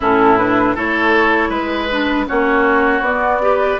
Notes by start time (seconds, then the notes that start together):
0.00 A2 C#4 E4 A4
0.37 D4 B4
0.75 A3 E4 A4 C#5
1.49 G#3 B4
1.90 D4
2.26 A#3 C#4 F#4 C#5
3.00 B3 D5
3.06 B3
3.41 G4 B4